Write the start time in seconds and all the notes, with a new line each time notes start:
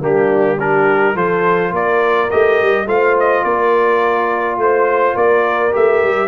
0.00 G3 A#3 D4 G4
0.58 D4 G4 A#4
1.15 F3 F4 A4 C5
1.71 A#3 A#4 D5
2.30 A3 G4 D#5
2.62 G3
2.86 A3 F4 C5 F5
3.19 D#5
3.44 A#3 A#4 D5
4.57 A3 C5
5.14 A#3 A#4 D5
5.71 A3 G4 E5
6.04 G3